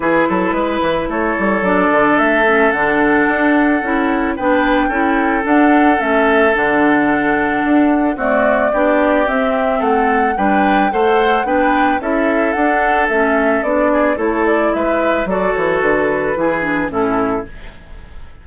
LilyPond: <<
  \new Staff \with { instrumentName = "flute" } { \time 4/4 \tempo 4 = 110 b'2 cis''4 d''4 | e''4 fis''2. | g''2 fis''4 e''4 | fis''2. d''4~ |
d''4 e''4 fis''4 g''4 | fis''4 g''4 e''4 fis''4 | e''4 d''4 cis''8 d''8 e''4 | d''8 cis''8 b'2 a'4 | }
  \new Staff \with { instrumentName = "oboe" } { \time 4/4 gis'8 a'8 b'4 a'2~ | a'1 | b'4 a'2.~ | a'2. fis'4 |
g'2 a'4 b'4 | c''4 b'4 a'2~ | a'4. gis'8 a'4 b'4 | a'2 gis'4 e'4 | }
  \new Staff \with { instrumentName = "clarinet" } { \time 4/4 e'2. d'4~ | d'8 cis'8 d'2 e'4 | d'4 e'4 d'4 cis'4 | d'2. a4 |
d'4 c'2 d'4 | a'4 d'4 e'4 d'4 | cis'4 d'4 e'2 | fis'2 e'8 d'8 cis'4 | }
  \new Staff \with { instrumentName = "bassoon" } { \time 4/4 e8 fis8 gis8 e8 a8 g8 fis8 d8 | a4 d4 d'4 cis'4 | b4 cis'4 d'4 a4 | d2 d'4 c'4 |
b4 c'4 a4 g4 | a4 b4 cis'4 d'4 | a4 b4 a4 gis4 | fis8 e8 d4 e4 a,4 | }
>>